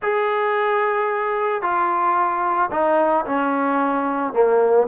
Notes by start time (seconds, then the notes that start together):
0.02 G#4
1.61 F4
2.71 D#4
3.25 C#4
4.33 A#3